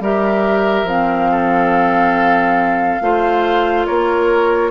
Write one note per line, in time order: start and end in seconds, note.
0.00 0.83 G3
0.00 0.87 G4
0.00 1.31 A#4
0.00 0.89 E5
0.83 2.98 F3
0.83 3.02 C4
0.83 3.86 F5
1.31 3.03 A4
3.02 3.87 A3
3.02 4.71 F4
3.02 3.87 C5
3.86 4.71 A#3
3.86 4.71 A#4
3.86 4.71 C#5